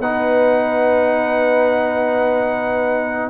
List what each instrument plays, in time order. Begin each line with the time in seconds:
0.00 tuba B3, trombone D#4, horn B4, trumpet F#5